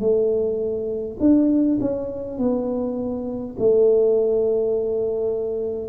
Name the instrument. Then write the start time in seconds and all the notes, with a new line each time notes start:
tuba
0.00 A3
1.20 D4
1.81 C#4
2.39 B3
3.59 A3